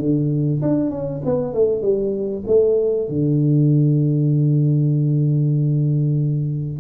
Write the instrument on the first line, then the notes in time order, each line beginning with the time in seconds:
tuba
0.00 D3
0.62 D4
0.91 C#4
1.25 B3
1.54 A3
1.82 G3
2.47 A3
3.09 D3